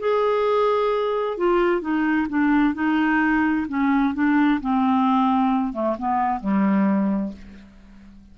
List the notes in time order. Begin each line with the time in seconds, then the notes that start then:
0.00 G#4
1.38 F4
1.81 D#4
2.30 D4
2.75 D#4
3.69 C#4
4.15 D4
4.61 C4
5.73 A3
5.99 B3
6.41 G3